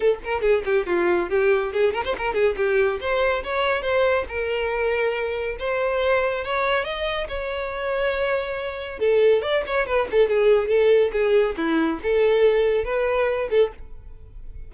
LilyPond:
\new Staff \with { instrumentName = "violin" } { \time 4/4 \tempo 4 = 140 a'8 ais'8 gis'8 g'8 f'4 g'4 | gis'8 ais'16 c''16 ais'8 gis'8 g'4 c''4 | cis''4 c''4 ais'2~ | ais'4 c''2 cis''4 |
dis''4 cis''2.~ | cis''4 a'4 d''8 cis''8 b'8 a'8 | gis'4 a'4 gis'4 e'4 | a'2 b'4. a'8 | }